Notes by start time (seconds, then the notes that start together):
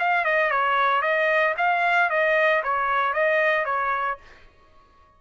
0.00 F5
0.25 D#5
0.51 C#5
1.02 D#5
1.58 F5
2.11 D#5
2.64 C#5
3.14 D#5
3.66 C#5